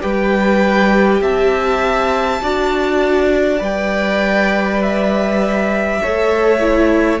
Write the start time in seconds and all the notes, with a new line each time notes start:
0.00 G3 G4 B4 G5
1.21 C4 E5 A5
2.41 D4 F#4 D5
3.58 G3 B4 G5
4.82 E5
6.02 A3 A4 C#5
6.60 E4